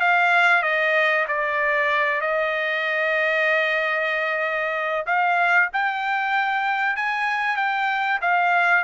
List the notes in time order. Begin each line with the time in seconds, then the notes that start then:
0.00 F5
0.63 D#5
1.28 D5
2.21 D#5
5.06 F5
5.73 G5
6.96 G#5
7.57 G5
8.21 F5